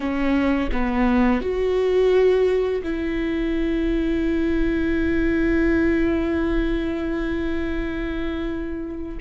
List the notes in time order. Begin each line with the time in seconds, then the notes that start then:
0.00 C#4
0.72 B3
1.41 F#4
2.83 E4